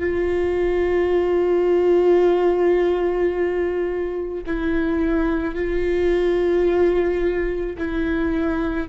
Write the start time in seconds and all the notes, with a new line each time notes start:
0.00 F4
4.47 E4
5.55 F4
7.78 E4